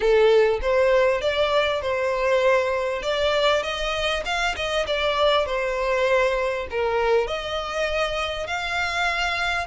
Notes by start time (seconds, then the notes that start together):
0.00 A4
0.61 C5
1.21 D5
1.81 C5
3.02 D5
3.62 D#5
4.25 F5
4.55 D#5
4.87 D5
5.45 C5
6.70 A#4
7.27 D#5
8.47 F5